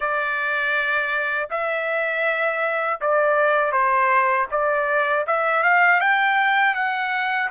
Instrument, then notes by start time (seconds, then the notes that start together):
trumpet
0.00 D5
1.50 E5
3.00 D5
3.71 C5
4.51 D5
5.26 E5
5.63 F5
6.00 G5
6.74 F#5